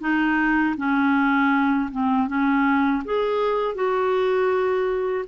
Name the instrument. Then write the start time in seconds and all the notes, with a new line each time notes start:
clarinet
0.00 D#4
0.77 C#4
1.91 C4
2.27 C#4
3.04 G#4
3.74 F#4